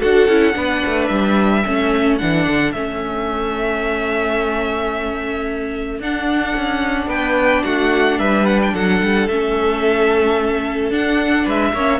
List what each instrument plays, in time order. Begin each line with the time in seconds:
0.00 cello D4, viola F#4, violin A4 F#5
0.28 cello C#4, viola E4
0.53 cello B3, viola D4, violin B4
0.86 cello A3
1.06 cello G3, violin E5
1.65 cello A3, viola C#4, violin A4
2.18 cello E3, viola D4, violin F#5
2.47 cello D3
2.72 cello A3, viola C#4, violin E5
5.99 cello D4, viola D4, violin F#5
6.56 cello C#4
7.07 cello B3, violin B4 G5
7.64 cello A3, violin F#4 F#5
8.19 cello G3, violin B4 E5
8.46 violin F#5
8.62 violin G5
8.74 cello F#3, violin A4 F#5
9.02 cello G3
9.28 cello A3, viola C#4, violin E5
10.90 cello D4, viola D4, violin F#5
11.44 cello G#3, violin B4 E5
11.73 cello A#3, viola C#4, violin C#5